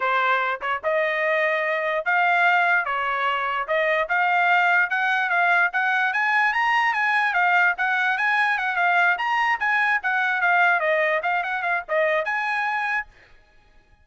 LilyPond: \new Staff \with { instrumentName = "trumpet" } { \time 4/4 \tempo 4 = 147 c''4. cis''8 dis''2~ | dis''4 f''2 cis''4~ | cis''4 dis''4 f''2 | fis''4 f''4 fis''4 gis''4 |
ais''4 gis''4 f''4 fis''4 | gis''4 fis''8 f''4 ais''4 gis''8~ | gis''8 fis''4 f''4 dis''4 f''8 | fis''8 f''8 dis''4 gis''2 | }